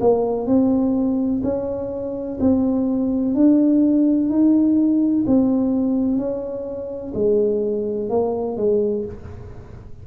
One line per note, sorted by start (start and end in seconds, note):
0.00 0.46 A#3
0.46 1.42 C4
1.43 2.38 C#4
2.40 3.35 C4
3.35 4.29 D4
4.29 5.24 D#4
5.26 6.17 C4
6.17 7.13 C#4
7.14 8.09 G#3
8.09 8.57 A#3
8.57 9.05 G#3